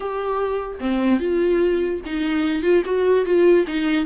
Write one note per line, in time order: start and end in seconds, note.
0.00 0.78 G4
0.80 1.19 C4
1.19 2.00 F4
2.05 2.62 D#4
2.62 2.82 F4
2.85 3.25 F#4
3.25 3.65 F4
3.67 4.05 D#4